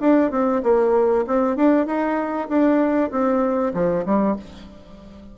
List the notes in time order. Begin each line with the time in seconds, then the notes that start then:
0.00 D4
0.31 C4
0.63 A#3
1.27 C4
1.56 D4
1.86 D#4
2.49 D4
3.11 C4
3.74 F3
4.05 G3